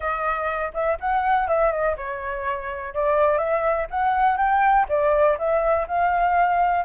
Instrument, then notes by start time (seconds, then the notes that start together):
flute
0.00 D#5
0.73 E5
1.00 F#5
1.48 E5
1.71 D#5
1.96 C#5
2.94 D5
3.38 E5
3.90 F#5
4.37 G5
4.88 D5
5.38 E5
5.87 F5